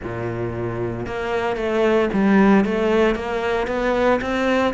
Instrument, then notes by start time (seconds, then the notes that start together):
cello
0.03 A#2
1.06 A#3
1.56 A3
2.13 G3
2.64 A3
3.15 A#3
3.67 B3
4.21 C4